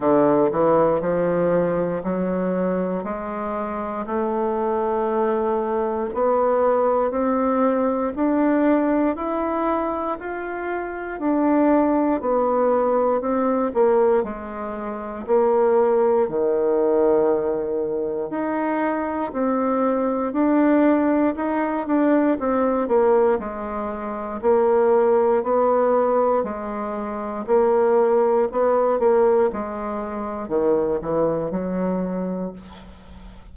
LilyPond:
\new Staff \with { instrumentName = "bassoon" } { \time 4/4 \tempo 4 = 59 d8 e8 f4 fis4 gis4 | a2 b4 c'4 | d'4 e'4 f'4 d'4 | b4 c'8 ais8 gis4 ais4 |
dis2 dis'4 c'4 | d'4 dis'8 d'8 c'8 ais8 gis4 | ais4 b4 gis4 ais4 | b8 ais8 gis4 dis8 e8 fis4 | }